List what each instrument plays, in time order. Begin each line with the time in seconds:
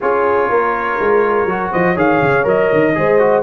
0.00 tuba C#4, trombone F4, horn G#4, trumpet C#5
0.49 tuba A#3, horn A#4
0.99 tuba G#3
1.45 tuba F#3, trombone F#4
1.71 tuba F3, horn C5, trumpet D#5
1.94 tuba D#3, trombone G#4, horn C#5, trumpet F5
2.21 tuba C#3
2.43 tuba F#3, trombone A#4, trumpet D#5
2.72 tuba D#3
2.94 tuba G#3, trombone G#4, horn C5
3.18 trombone F#4